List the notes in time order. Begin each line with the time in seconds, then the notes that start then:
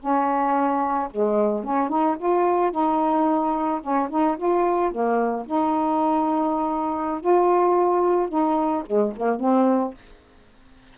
0.00 C#4
1.11 G#3
1.64 C#4
1.89 D#4
2.18 F4
2.71 D#4
3.82 C#4
4.10 D#4
4.38 F4
4.91 A#3
5.46 D#4
7.21 F4
8.29 D#4
8.86 G#3
9.17 A#3
9.40 C4